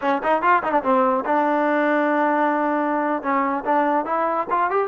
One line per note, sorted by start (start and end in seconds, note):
0.01 0.22 C#4
0.23 0.42 D#4
0.42 0.62 F4
0.63 0.71 D#4
0.71 0.82 D4
0.82 1.24 C4
1.25 3.22 D4
3.22 3.64 C#4
3.64 4.05 D4
4.05 4.47 E4
4.49 4.70 F4
4.70 4.87 G4